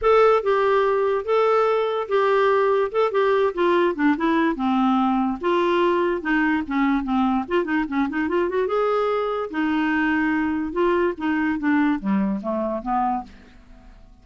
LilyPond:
\new Staff \with { instrumentName = "clarinet" } { \time 4/4 \tempo 4 = 145 a'4 g'2 a'4~ | a'4 g'2 a'8 g'8~ | g'8 f'4 d'8 e'4 c'4~ | c'4 f'2 dis'4 |
cis'4 c'4 f'8 dis'8 cis'8 dis'8 | f'8 fis'8 gis'2 dis'4~ | dis'2 f'4 dis'4 | d'4 g4 a4 b4 | }